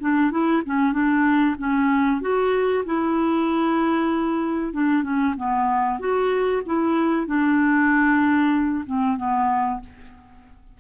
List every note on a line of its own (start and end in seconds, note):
0.00 0.31 D4
0.31 0.62 E4
0.66 0.92 C#4
0.92 1.56 D4
1.58 2.21 C#4
2.21 2.84 F#4
2.85 4.73 E4
4.73 5.03 D4
5.03 5.35 C#4
5.37 5.99 B3
5.99 6.62 F#4
6.66 7.27 E4
7.27 8.84 D4
8.86 9.17 C4
9.17 9.80 B3